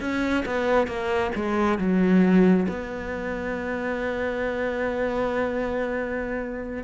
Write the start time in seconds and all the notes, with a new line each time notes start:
0.00 C#4
0.45 B3
0.87 A#3
1.35 G#3
1.78 F#3
2.68 B3